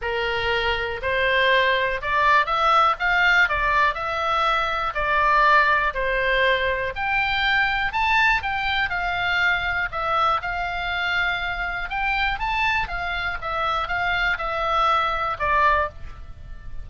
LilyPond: \new Staff \with { instrumentName = "oboe" } { \time 4/4 \tempo 4 = 121 ais'2 c''2 | d''4 e''4 f''4 d''4 | e''2 d''2 | c''2 g''2 |
a''4 g''4 f''2 | e''4 f''2. | g''4 a''4 f''4 e''4 | f''4 e''2 d''4 | }